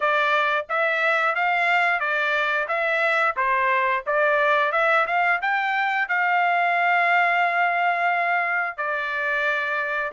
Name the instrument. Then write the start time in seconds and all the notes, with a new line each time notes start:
trumpet
0.00 D5
0.69 E5
1.35 F5
1.99 D5
2.68 E5
3.36 C5
4.06 D5
4.72 E5
5.07 F5
5.41 G5
6.08 F5
8.77 D5